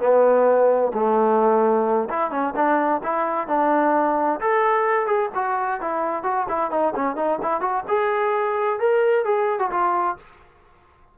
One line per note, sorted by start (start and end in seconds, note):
0.00 0.92 B3
0.94 2.09 A3
2.10 2.31 E4
2.31 2.54 C#4
2.56 3.02 D4
3.04 3.48 E4
3.48 4.40 D4
4.41 5.07 A4
5.07 5.30 G#4
5.35 5.81 F#4
5.81 6.24 E4
6.24 6.47 F#4
6.49 6.71 E4
6.71 6.94 D#4
6.95 7.16 C#4
7.16 7.39 D#4
7.42 7.61 E4
7.61 7.84 F#4
7.88 8.80 G#4
8.80 9.25 A#4
9.25 9.59 G#4
9.59 9.71 F#4
9.71 10.17 F4